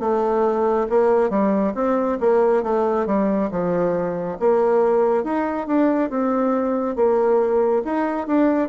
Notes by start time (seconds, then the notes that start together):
0.00 A3
0.89 A#3
1.30 G3
1.75 C4
2.20 A#3
2.63 A3
3.06 G3
3.51 F3
4.40 A#3
5.24 D#4
5.67 D4
6.09 C4
6.96 A#3
7.85 D#4
8.27 D4